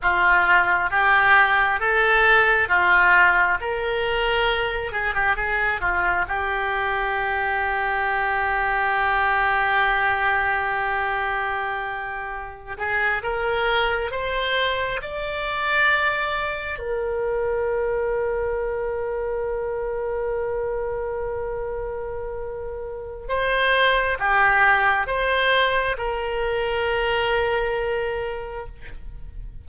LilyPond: \new Staff \with { instrumentName = "oboe" } { \time 4/4 \tempo 4 = 67 f'4 g'4 a'4 f'4 | ais'4. gis'16 g'16 gis'8 f'8 g'4~ | g'1~ | g'2~ g'16 gis'8 ais'4 c''16~ |
c''8. d''2 ais'4~ ais'16~ | ais'1~ | ais'2 c''4 g'4 | c''4 ais'2. | }